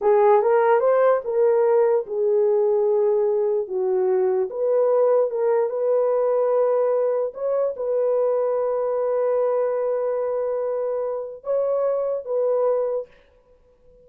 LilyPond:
\new Staff \with { instrumentName = "horn" } { \time 4/4 \tempo 4 = 147 gis'4 ais'4 c''4 ais'4~ | ais'4 gis'2.~ | gis'4 fis'2 b'4~ | b'4 ais'4 b'2~ |
b'2 cis''4 b'4~ | b'1~ | b'1 | cis''2 b'2 | }